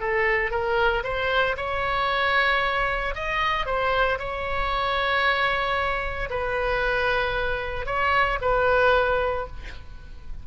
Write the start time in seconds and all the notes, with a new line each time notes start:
0.00 A4
0.50 A#4
1.03 C5
1.57 C#5
3.15 D#5
3.66 C5
4.19 C#5
6.30 B4
7.86 C#5
8.41 B4